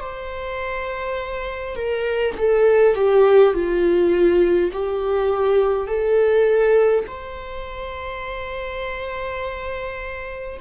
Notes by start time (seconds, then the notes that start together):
0.00 C5
1.75 A#4
2.37 A4
2.95 G4
3.53 F4
4.72 G4
5.87 A4
7.07 C5